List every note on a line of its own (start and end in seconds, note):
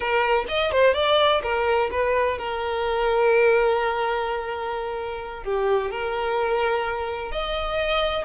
0.00 0.45 A#4
0.48 0.71 D#5
0.71 0.94 C5
0.94 1.41 D5
1.42 1.90 A#4
1.91 2.38 B4
2.38 5.43 A#4
5.43 5.90 G4
5.91 7.31 A#4
7.31 8.24 D#5